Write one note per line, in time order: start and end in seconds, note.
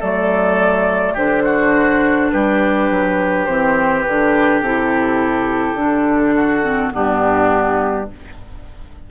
0.00 1.16 F#3
0.00 1.18 A3
0.00 1.14 A4
0.00 1.17 D5
1.14 2.31 D3
1.14 3.48 D4
1.14 1.43 G4
1.14 2.31 C5
1.45 2.31 F#4
2.31 2.91 G3
2.31 6.35 G4
2.31 3.46 B4
2.91 3.48 F#3
3.46 4.06 E3
3.46 4.06 C4
3.46 4.03 C5
4.03 4.62 D3
4.03 4.65 D4
4.03 4.61 B4
4.62 5.75 C3
4.62 5.77 E4
4.62 6.94 A4
5.75 6.90 D3
5.75 6.63 D4
6.35 6.93 F#4
6.63 6.91 C4
6.91 8.11 G2
6.91 8.06 B3
6.91 8.10 D4
6.91 8.10 G4